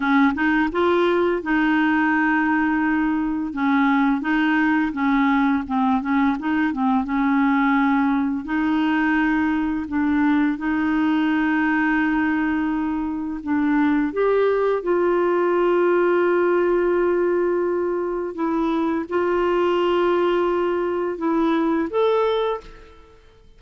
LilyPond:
\new Staff \with { instrumentName = "clarinet" } { \time 4/4 \tempo 4 = 85 cis'8 dis'8 f'4 dis'2~ | dis'4 cis'4 dis'4 cis'4 | c'8 cis'8 dis'8 c'8 cis'2 | dis'2 d'4 dis'4~ |
dis'2. d'4 | g'4 f'2.~ | f'2 e'4 f'4~ | f'2 e'4 a'4 | }